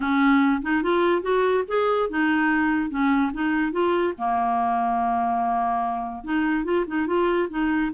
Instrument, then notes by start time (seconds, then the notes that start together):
clarinet
0.00 C#4
0.62 D#4
0.82 F4
1.22 F#4
1.67 G#4
2.09 D#4
2.90 C#4
3.33 D#4
3.72 F4
4.18 A#3
6.24 D#4
6.64 F4
6.87 D#4
7.06 F4
7.49 D#4